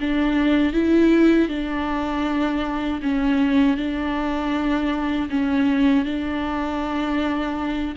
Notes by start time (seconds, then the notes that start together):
0.00 D4
0.73 E4
1.48 D4
3.02 C#4
3.77 D4
5.30 C#4
6.05 D4